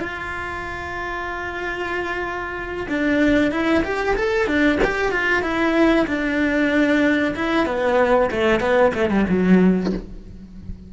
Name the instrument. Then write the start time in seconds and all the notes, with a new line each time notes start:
cello
0.00 F4
2.89 D4
3.52 E4
3.84 G4
4.16 A4
4.47 D4
4.84 G4
5.12 F4
5.43 E4
6.07 D4
7.35 E4
7.67 B3
8.32 A3
8.61 B3
8.94 A3
9.10 G3
9.29 F#3